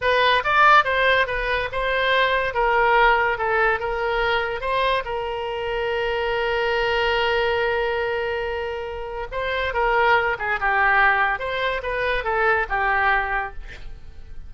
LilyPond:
\new Staff \with { instrumentName = "oboe" } { \time 4/4 \tempo 4 = 142 b'4 d''4 c''4 b'4 | c''2 ais'2 | a'4 ais'2 c''4 | ais'1~ |
ais'1~ | ais'2 c''4 ais'4~ | ais'8 gis'8 g'2 c''4 | b'4 a'4 g'2 | }